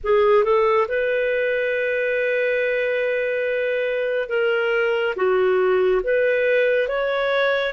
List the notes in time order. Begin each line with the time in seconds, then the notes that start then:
0.03 G#4
0.44 A4
0.88 B4
4.29 A#4
5.15 F#4
6.03 B4
6.88 C#5